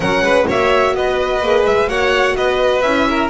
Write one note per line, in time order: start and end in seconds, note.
0.00 0.21 F#3
0.00 0.47 C#4
0.00 0.23 A#4
0.00 0.46 F#5
0.21 0.44 G#3
0.21 0.47 B4
0.47 0.94 A#3
0.47 1.42 F#4
0.47 0.94 C#5
0.47 0.95 E5
0.94 1.41 B3
0.94 1.88 B4
0.94 1.65 D#5
1.41 1.65 A#3
1.41 1.87 G#4
1.65 1.87 G#3
1.65 1.89 E5
1.87 2.34 A#3
1.87 2.82 F#4
1.87 2.36 C#5
1.87 2.36 F#5
2.35 2.83 B3
2.35 3.08 B4
2.35 2.81 D#5
2.81 3.29 C#4
2.81 3.29 E4
2.81 3.28 E5
3.09 3.29 A#4